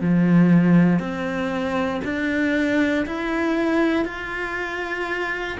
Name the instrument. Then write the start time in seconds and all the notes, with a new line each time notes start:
cello
0.00 F3
0.99 C4
2.04 D4
3.06 E4
4.05 F4